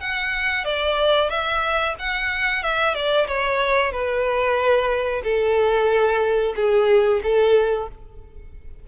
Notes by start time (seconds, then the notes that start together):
0.00 F#5
0.65 D5
1.30 E5
1.99 F#5
2.63 E5
2.94 D5
3.27 C#5
3.92 B4
5.24 A4
6.56 G#4
7.23 A4